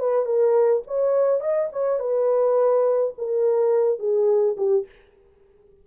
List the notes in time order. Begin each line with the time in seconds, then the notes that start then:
0.00 B4
0.26 A#4
0.88 C#5
1.41 D#5
1.72 C#5
2.00 B4
3.18 A#4
4.00 G#4
4.58 G4